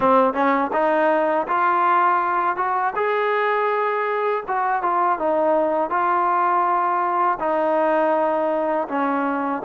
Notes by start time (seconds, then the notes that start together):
0.00 C4
0.33 C#4
0.72 D#4
1.47 F4
2.56 F#4
2.95 G#4
4.47 F#4
4.82 F4
5.19 D#4
5.90 F4
7.39 D#4
8.88 C#4